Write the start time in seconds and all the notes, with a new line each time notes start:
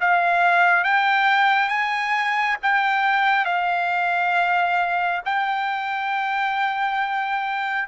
0.00 F5
0.84 G5
1.68 G#5
2.62 G5
3.45 F5
5.25 G5